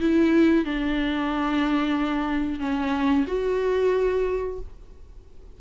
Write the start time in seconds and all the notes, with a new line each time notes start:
0.00 E4
0.65 D4
2.60 C#4
3.27 F#4